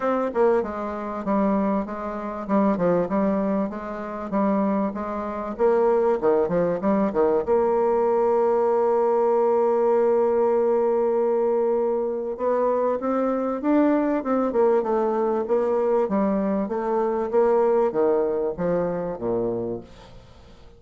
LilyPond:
\new Staff \with { instrumentName = "bassoon" } { \time 4/4 \tempo 4 = 97 c'8 ais8 gis4 g4 gis4 | g8 f8 g4 gis4 g4 | gis4 ais4 dis8 f8 g8 dis8 | ais1~ |
ais1 | b4 c'4 d'4 c'8 ais8 | a4 ais4 g4 a4 | ais4 dis4 f4 ais,4 | }